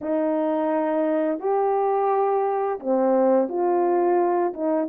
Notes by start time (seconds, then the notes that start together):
0.01 D#4
1.39 G4
2.79 C4
3.48 F4
4.53 D#4